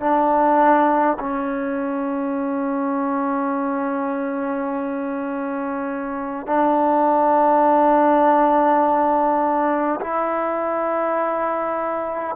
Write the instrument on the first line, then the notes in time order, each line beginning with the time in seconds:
trombone
0.00 D4
1.20 C#4
6.47 D4
10.01 E4